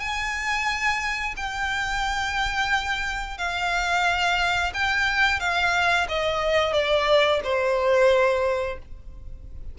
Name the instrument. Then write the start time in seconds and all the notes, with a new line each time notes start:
violin
0.00 G#5
1.37 G5
3.38 F5
4.74 G5
5.40 F5
6.09 D#5
6.73 D5
7.44 C5